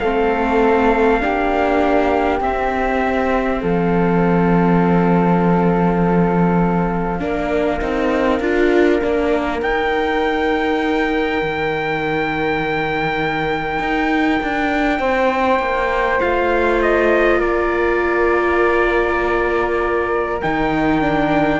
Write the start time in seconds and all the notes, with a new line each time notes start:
0.00 A3 C4 A4 F5
1.21 A#3 D4 G4
2.40 C4 E5
3.60 F3 A4 F5
7.19 A#3 D4 A#4
7.81 C4 D#4
8.40 D4 F4
9.01 A#3 D4
9.61 D#4 G5
11.42 D#3
13.79 D#4
14.43 D4
15.00 C4 C5
15.60 A#3
16.20 A3 F4 F5
16.82 D#5
17.39 A#3 A#4 D5
20.41 D#3 D#4 G5
21.01 D4